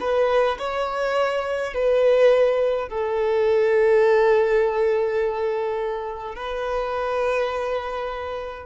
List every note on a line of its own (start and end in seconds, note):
0.00 0.58 B4
0.58 1.73 C#5
1.73 2.88 B4
2.88 6.35 A4
6.35 8.65 B4